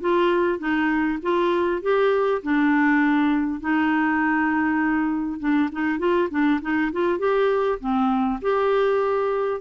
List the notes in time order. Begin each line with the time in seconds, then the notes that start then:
0.00 F4
0.58 D#4
1.22 F4
1.82 G4
2.42 D4
3.60 D#4
5.39 D4
5.72 D#4
5.98 F4
6.30 D4
6.61 D#4
6.92 F4
7.18 G4
7.80 C4
8.41 G4